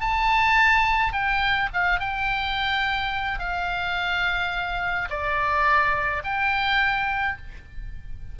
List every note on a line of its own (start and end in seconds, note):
0.00 1.12 A5
1.12 1.69 G5
1.73 2.00 F5
2.00 3.39 G5
3.39 5.09 F5
5.10 6.23 D5
6.24 7.37 G5